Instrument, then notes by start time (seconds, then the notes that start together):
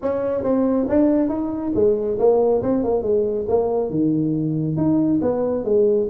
tuba
0.02 C#4
0.43 C4
0.89 D4
1.28 D#4
1.75 G#3
2.18 A#3
2.62 C4
2.83 A#3
3.02 G#3
3.48 A#3
3.90 D#3
4.76 D#4
5.21 B3
5.64 G#3